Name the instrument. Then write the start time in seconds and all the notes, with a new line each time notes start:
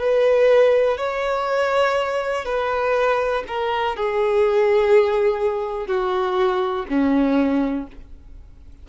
violin
0.00 B4
0.98 C#5
2.45 B4
3.48 A#4
3.97 G#4
5.87 F#4
6.89 C#4